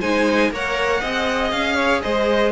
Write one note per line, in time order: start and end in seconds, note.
0.00 0.50 G#3
0.00 0.51 D#4
0.00 0.50 C5
0.00 0.51 G#5
0.50 1.01 A#3
0.50 1.02 A#4
0.50 1.01 C#5
0.50 1.50 F#5
1.01 1.51 C4
1.01 2.51 G#4
1.01 1.75 D#5
1.50 2.02 C#4
1.50 2.01 F5
1.75 2.00 C#5
2.02 2.51 G#3
2.02 2.51 C5
2.02 2.51 D#5